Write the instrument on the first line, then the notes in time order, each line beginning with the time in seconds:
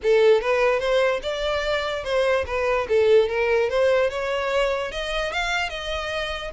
violin
0.03 A4
0.41 B4
0.79 C5
1.22 D5
2.03 C5
2.46 B4
2.88 A4
3.28 A#4
3.69 C5
4.10 C#5
4.91 D#5
5.32 F5
5.69 D#5